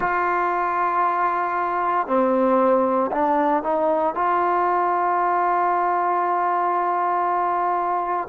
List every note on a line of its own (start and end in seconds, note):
0.00 2.07 F4
2.07 3.10 C4
3.11 3.63 D4
3.63 4.14 D#4
4.14 8.28 F4